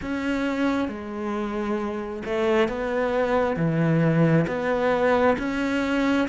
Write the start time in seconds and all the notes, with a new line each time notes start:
0.01 C#4
0.88 G#3
2.25 A3
2.68 B3
3.56 E3
4.47 B3
5.38 C#4